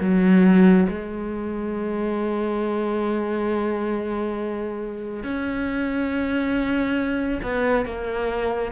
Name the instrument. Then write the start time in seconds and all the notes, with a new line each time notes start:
cello
0.00 F#3
0.88 G#3
5.23 C#4
7.42 B3
7.85 A#3